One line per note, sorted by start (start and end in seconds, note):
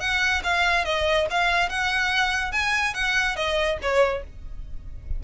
0.00 0.42 F#5
0.43 0.85 F5
0.85 1.27 D#5
1.30 1.69 F5
1.69 2.52 F#5
2.52 2.94 G#5
2.94 3.36 F#5
3.36 3.78 D#5
3.82 4.24 C#5